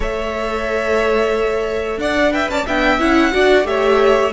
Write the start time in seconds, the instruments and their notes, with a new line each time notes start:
0.00 cello A3, viola A4, violin C#5 E5
1.97 cello D4, violin D5 F#5
2.30 viola B4, violin E5 G5
2.49 cello C#4, violin D5 A5
2.66 cello B3, viola D4, violin E5 G5
2.99 cello C#4, viola E4, violin F#5
3.31 cello D4, viola F#4, violin D5
3.63 cello A3, viola G4, violin C#5 E5